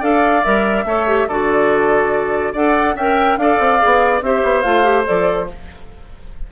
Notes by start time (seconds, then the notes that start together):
0.00 D4 A4 D5 F5
0.44 G3 A#4 E5
0.84 A3 A4 C#5
1.07 G4
1.28 D3 F#4 A4 D5
2.52 D4 A4 D5 F#5
2.95 C#4 A#4 E5 G5
3.37 D4 A4 D5 F5
3.59 C4
3.79 B3 G#4
4.21 C4 G4 C5 E5
4.43 B3
4.61 A3 F4 F5
4.83 G4
5.05 F3 A4 D5